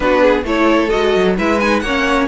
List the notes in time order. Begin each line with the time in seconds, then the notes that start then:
0.00 B3 D4 F#4 B4
0.21 G#4
0.43 A3 E4 A4 C#5
0.89 G#3 F#4 D#5
1.15 F#3
1.37 G#3 E4 B4 E5
1.60 D#4 G#5
1.80 A#3 C#5 F#5
1.86 C#4